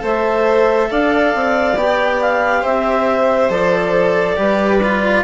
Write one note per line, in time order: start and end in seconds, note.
0.00 0.90 A3
0.00 1.74 A4
0.00 0.90 C5
0.00 0.92 E5
0.91 1.35 D4
0.91 2.61 D5
0.91 1.79 F5
1.35 1.76 C4
1.76 2.63 B3
1.76 3.50 G4
1.76 2.22 G5
2.22 2.65 F5
2.61 3.50 C4
2.61 4.35 C5
2.61 3.52 E5
3.50 4.37 F3
3.50 4.37 A4
3.50 5.24 D5
4.37 5.24 G3
4.37 4.80 G4
4.37 5.24 B4
4.83 5.24 F4